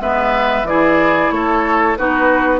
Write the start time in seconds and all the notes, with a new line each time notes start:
0.00 G#3 B3 B4 E5
0.63 E3 E4 G#4 D5
1.31 A3 A4 C#5
1.97 B3 D#4 F#4 B4